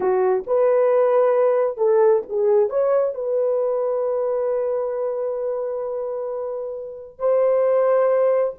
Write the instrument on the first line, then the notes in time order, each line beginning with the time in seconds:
horn
0.00 F#4
0.47 B4
1.77 A4
2.29 G#4
2.69 C#5
3.14 B4
7.19 C5